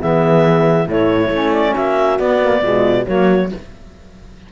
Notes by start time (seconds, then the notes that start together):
0.00 E3 B3 G#4 E5
0.86 A2 A3 E4 C#5
1.29 A3 C#4
1.52 D5
1.71 A#3 F#4 E5
2.18 B3 D5
2.41 A#3
2.61 B2 G#3 F4
3.05 F#3 A#3 F#4 C#5